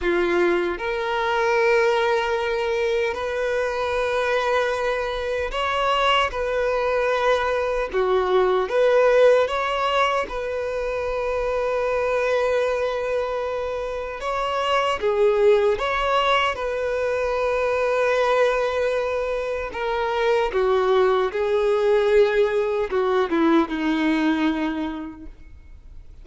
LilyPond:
\new Staff \with { instrumentName = "violin" } { \time 4/4 \tempo 4 = 76 f'4 ais'2. | b'2. cis''4 | b'2 fis'4 b'4 | cis''4 b'2.~ |
b'2 cis''4 gis'4 | cis''4 b'2.~ | b'4 ais'4 fis'4 gis'4~ | gis'4 fis'8 e'8 dis'2 | }